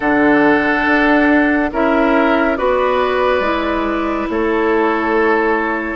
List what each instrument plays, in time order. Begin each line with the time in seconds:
0.00 bassoon D3, clarinet D4, oboe A4, flute F#5
0.86 bassoon D4
1.72 bassoon C#4, clarinet E4, oboe A#4, flute E5
2.56 bassoon B3, clarinet F#4, oboe B4, flute D5
3.39 bassoon G#3, clarinet E4
4.29 bassoon A3, oboe A4, flute C#5